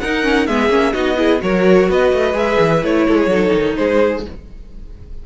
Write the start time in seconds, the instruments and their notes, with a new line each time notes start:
0.00 viola D#4, cello D#4, violin A#4 F#5
0.23 viola C#4
0.46 cello G#3, viola B3, violin G#4 E5
0.69 cello A#3, viola C#4
0.93 cello B3, viola D#4, violin F#4 D#5
1.16 viola E4, violin G#4
1.40 cello F#3, viola F#4, violin A#4 C#5
1.88 cello B3, violin B4 D#5
2.12 cello A3
2.33 cello G#3, viola G#4, violin E5
2.59 cello E3
2.83 cello A3, viola E4, violin C#5
3.07 cello G#3, violin A4
3.17 violin G#4
3.27 cello F#3, viola D#4, violin A4
3.53 cello D#3
3.76 cello G#3, violin G#4 C5